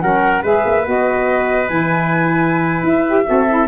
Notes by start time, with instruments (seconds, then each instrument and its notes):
0.00 tuba F#3, saxophone C#4, trumpet A#4, flute F#5
0.43 tuba G#3, saxophone G#4, trumpet B4, flute E5
0.65 tuba A#3
0.84 tuba B3, saxophone F#4, flute D#5
1.68 tuba E3, saxophone E4, flute G#5
2.83 tuba E4, flute E5
3.08 saxophone G4
3.26 tuba C4, saxophone F#4, trumpet A4
3.48 saxophone E4